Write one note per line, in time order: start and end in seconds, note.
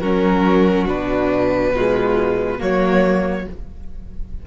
0.00 0.87 F#3
0.00 0.88 C#4
0.00 1.71 F#4
0.00 0.86 A#4
0.87 2.59 B2
0.87 1.74 D4
0.87 2.60 B4
1.75 2.58 G#3
1.75 2.60 F4
2.58 3.47 F#3
2.58 3.44 A#3
2.58 3.45 F#4
2.58 3.47 C#5